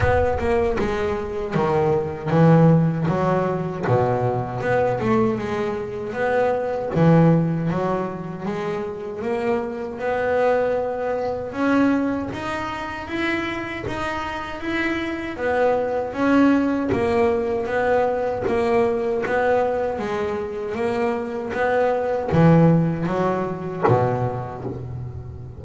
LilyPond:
\new Staff \with { instrumentName = "double bass" } { \time 4/4 \tempo 4 = 78 b8 ais8 gis4 dis4 e4 | fis4 b,4 b8 a8 gis4 | b4 e4 fis4 gis4 | ais4 b2 cis'4 |
dis'4 e'4 dis'4 e'4 | b4 cis'4 ais4 b4 | ais4 b4 gis4 ais4 | b4 e4 fis4 b,4 | }